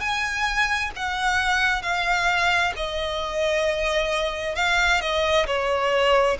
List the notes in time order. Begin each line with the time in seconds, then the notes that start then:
0.00 G#5
0.96 F#5
1.82 F5
2.76 D#5
4.55 F5
5.01 D#5
5.46 C#5